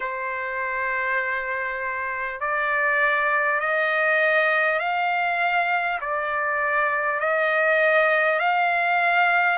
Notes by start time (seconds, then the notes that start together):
0.00 C5
2.40 D5
3.59 D#5
4.79 F5
6.01 D5
7.19 D#5
8.39 F5